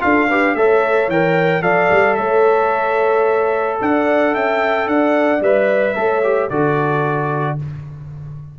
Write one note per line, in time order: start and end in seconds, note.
0.00 0.55 D4
0.00 0.27 F4
0.00 0.28 A4
0.00 0.55 F5
0.28 0.57 G4
0.28 0.55 B4
0.55 1.08 A3
0.55 1.11 A4
0.55 1.63 C#5
0.55 1.09 E5
1.08 1.62 E3
1.08 1.62 A#4
1.08 1.62 G5
1.62 1.89 F3
1.62 5.40 A4
1.62 2.17 D5
1.62 2.15 F5
1.91 2.18 G3
2.15 3.80 A3
2.15 3.79 C#5
2.15 3.77 E5
3.81 4.34 D4
3.81 4.33 D5
3.81 4.35 F#5
4.33 4.87 C#4
4.33 4.87 E5
4.33 4.88 G5
4.87 5.40 D4
4.87 5.98 D5
4.87 5.42 F#5
5.40 5.94 G3
5.40 5.95 B4
5.40 6.50 E5
5.95 6.50 A3
5.95 6.22 A4
5.95 6.50 C#5
6.23 6.50 G4
6.50 7.58 D3
6.50 7.59 F#4
6.50 7.58 A4
6.50 7.58 D5